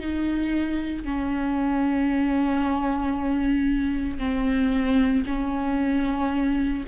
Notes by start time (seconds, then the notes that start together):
0.00 D#4
1.05 C#4
4.19 C4
5.27 C#4